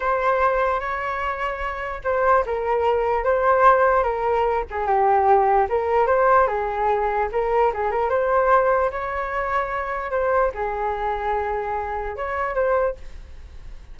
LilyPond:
\new Staff \with { instrumentName = "flute" } { \time 4/4 \tempo 4 = 148 c''2 cis''2~ | cis''4 c''4 ais'2 | c''2 ais'4. gis'8 | g'2 ais'4 c''4 |
gis'2 ais'4 gis'8 ais'8 | c''2 cis''2~ | cis''4 c''4 gis'2~ | gis'2 cis''4 c''4 | }